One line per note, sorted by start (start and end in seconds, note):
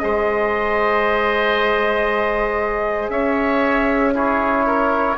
0.00 3.09 G#3
0.00 4.15 G#4
0.00 3.12 C5
0.00 3.10 D#5
3.09 5.16 C#4
3.09 4.15 C#5
3.09 4.14 E5
4.15 5.18 E4
4.15 4.66 G#4
4.15 5.18 C#5
4.67 5.18 A#4